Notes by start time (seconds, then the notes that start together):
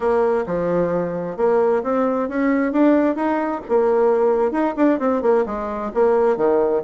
0.00 A#3
0.46 F3
1.37 A#3
1.83 C4
2.29 C#4
2.72 D4
3.15 D#4
3.68 A#3
4.51 D#4
4.76 D4
4.99 C4
5.21 A#3
5.46 G#3
5.93 A#3
6.37 D#3